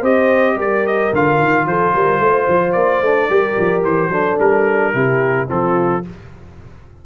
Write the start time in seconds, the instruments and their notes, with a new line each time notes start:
0.00 tuba C4, trombone G4, horn C5, trumpet D#5
0.56 tuba G3, horn A#4, trumpet D5
0.87 trumpet D#5
1.13 tuba D3, trombone F4, trumpet F5
1.39 tuba D#3
1.66 tuba F3, horn A4, trumpet C5
1.94 tuba G3, horn A#4
2.20 tuba A3, horn C5
2.49 tuba F3
2.73 tuba A#3, trumpet D5
3.02 tuba A3, trombone D4
3.30 tuba G3, trombone G4, horn A#4
3.58 tuba F3
3.84 tuba E3, trumpet C5
4.09 tuba F#3, trombone D4, horn A4
4.40 tuba G3, trumpet A#4
4.94 tuba C3, trombone E4, horn G4
5.48 tuba F3, trombone C4, horn F4, trumpet A4